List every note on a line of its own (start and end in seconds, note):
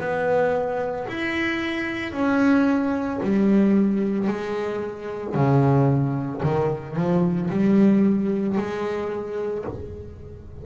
0.00 1.07 B3
1.08 2.13 E4
2.13 3.20 C#4
3.23 4.28 G3
4.28 5.35 G#3
5.35 6.42 C#3
6.43 6.96 D#3
6.96 7.50 F3
7.50 8.58 G3
8.58 9.65 G#3